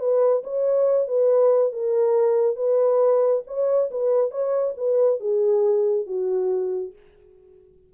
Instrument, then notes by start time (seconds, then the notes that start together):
horn
0.00 B4
0.44 C#5
1.08 B4
1.73 A#4
2.56 B4
3.47 C#5
3.91 B4
4.31 C#5
4.78 B4
5.21 G#4
6.07 F#4